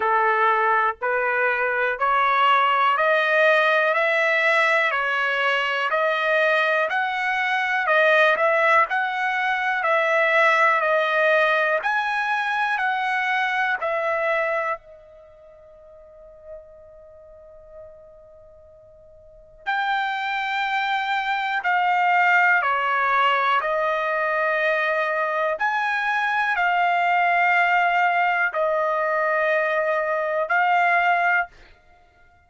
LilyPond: \new Staff \with { instrumentName = "trumpet" } { \time 4/4 \tempo 4 = 61 a'4 b'4 cis''4 dis''4 | e''4 cis''4 dis''4 fis''4 | dis''8 e''8 fis''4 e''4 dis''4 | gis''4 fis''4 e''4 dis''4~ |
dis''1 | g''2 f''4 cis''4 | dis''2 gis''4 f''4~ | f''4 dis''2 f''4 | }